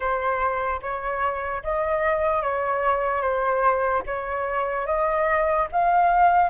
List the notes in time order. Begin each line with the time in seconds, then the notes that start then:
0.00 C5
0.81 C#5
1.63 D#5
2.42 C#5
3.21 C5
4.06 C#5
4.86 D#5
5.72 F5